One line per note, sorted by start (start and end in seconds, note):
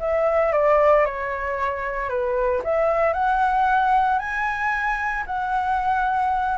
0.00 0.53 E5
0.53 1.05 D5
1.05 2.09 C#5
2.09 2.62 B4
2.64 3.14 E5
3.14 4.19 F#5
4.19 5.24 G#5
5.27 6.58 F#5